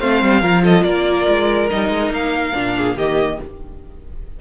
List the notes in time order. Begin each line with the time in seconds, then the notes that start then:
0.00 A3 C4 C5 F5
0.22 G3
0.42 F3 F4 A#4
0.64 A4 D#5
0.84 A#3 A#4 D5
1.28 G#3
1.70 G3 D#4 D#5
1.90 G#3
2.10 A#3 F5
2.53 A#2 D4
2.76 G#4
2.97 D#3 A#3 G4 D#5